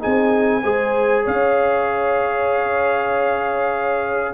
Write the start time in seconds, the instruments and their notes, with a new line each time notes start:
0.00 tuba C4, trombone D#4, horn G#4, trumpet G#5
0.64 tuba G#3, trombone G#4, horn C5
1.24 tuba C#4, horn C#5, trumpet F5